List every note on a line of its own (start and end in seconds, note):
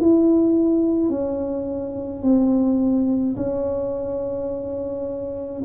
0.00 1.09 E4
1.09 2.22 C#4
2.22 3.36 C4
3.36 5.62 C#4